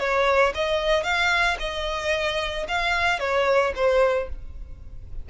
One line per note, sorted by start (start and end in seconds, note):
0.00 0.54 C#5
0.55 1.04 D#5
1.04 1.57 F5
1.60 2.67 D#5
2.69 3.20 F5
3.20 3.74 C#5
3.76 4.30 C5